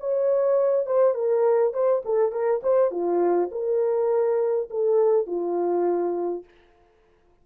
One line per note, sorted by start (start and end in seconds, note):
0.00 0.87 C#5
0.87 1.15 C5
1.15 1.74 A#4
1.74 2.03 C5
2.05 2.32 A4
2.32 2.61 A#4
2.63 2.91 C5
2.91 3.50 F4
3.52 4.69 A#4
4.71 5.27 A4
5.27 6.45 F4